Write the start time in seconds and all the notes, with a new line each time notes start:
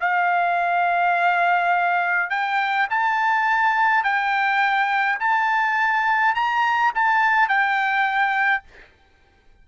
0.00 F5
2.29 G5
2.90 A5
4.03 G5
5.19 A5
6.34 A#5
6.94 A5
7.48 G5